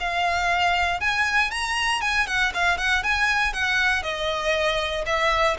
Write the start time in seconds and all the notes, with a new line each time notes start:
0.00 F5
1.01 G#5
1.51 A#5
2.02 G#5
2.27 F#5
2.54 F5
2.78 F#5
3.03 G#5
3.54 F#5
4.03 D#5
5.06 E5